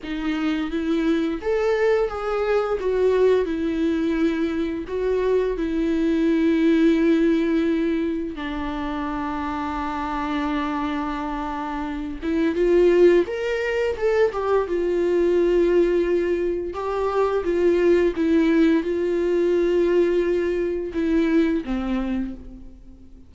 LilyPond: \new Staff \with { instrumentName = "viola" } { \time 4/4 \tempo 4 = 86 dis'4 e'4 a'4 gis'4 | fis'4 e'2 fis'4 | e'1 | d'1~ |
d'4. e'8 f'4 ais'4 | a'8 g'8 f'2. | g'4 f'4 e'4 f'4~ | f'2 e'4 c'4 | }